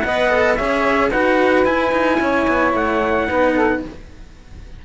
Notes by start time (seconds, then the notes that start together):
0.00 B3 D#5 F#5
0.07 B4
0.29 A4
0.56 C#4 G#4 C#5 E5
1.11 D#4 F#4 B4 F#5
1.64 E4 G#5
1.91 D#4
2.20 C#4 C#5
2.48 B3
2.74 A3 F#5
3.27 B3 D#4 B4
3.52 A4